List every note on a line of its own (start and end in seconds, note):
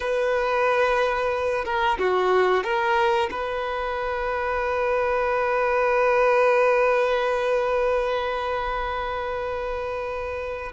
0.00 1.65 B4
1.65 1.98 A#4
1.98 2.63 F#4
2.63 3.29 A#4
3.30 10.72 B4